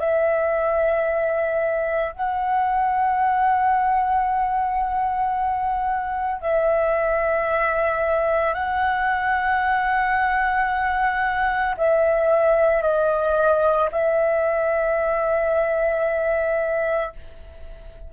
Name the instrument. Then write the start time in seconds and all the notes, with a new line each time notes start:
flute
0.00 E5
2.13 F#5
6.42 E5
8.54 F#5
11.78 E5
12.82 D#5
13.92 E5